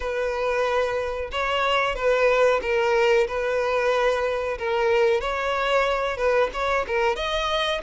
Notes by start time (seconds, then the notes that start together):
0.00 B4
1.31 C#5
1.95 B4
2.62 A#4
3.27 B4
4.58 A#4
5.21 C#5
6.17 B4
6.53 C#5
6.87 A#4
7.16 D#5